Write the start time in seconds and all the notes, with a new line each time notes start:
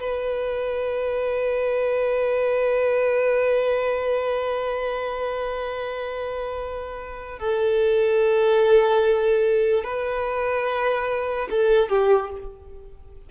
0.00 B4
7.39 A4
9.84 B4
11.50 A4
11.89 G4